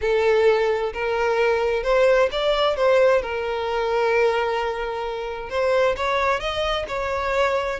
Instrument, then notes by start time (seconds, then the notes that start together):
violin
0.01 A4
0.93 A#4
1.83 C5
2.31 D5
2.76 C5
3.22 A#4
5.49 C5
5.96 C#5
6.39 D#5
6.88 C#5